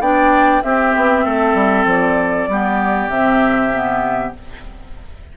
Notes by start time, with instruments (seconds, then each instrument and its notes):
0.00 bassoon B3, clarinet D4, oboe D5, flute G5
0.63 bassoon C4, clarinet C4, oboe G4, flute E5
0.97 bassoon B3
1.25 bassoon A3, oboe A4
1.54 bassoon G3
1.85 bassoon F3, flute D5
2.48 bassoon G3, clarinet B3, oboe G4
3.08 bassoon C3, clarinet C4, flute E5
3.72 clarinet B3